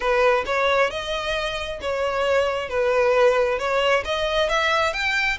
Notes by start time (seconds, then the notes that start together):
0.00 B4
0.46 C#5
0.90 D#5
1.81 C#5
2.69 B4
3.58 C#5
4.04 D#5
4.49 E5
4.93 G5